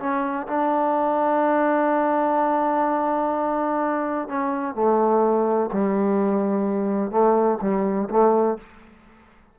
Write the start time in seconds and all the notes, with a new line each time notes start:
0.00 C#4
0.48 D4
4.29 C#4
4.75 A3
5.73 G3
7.11 A3
7.62 G3
8.10 A3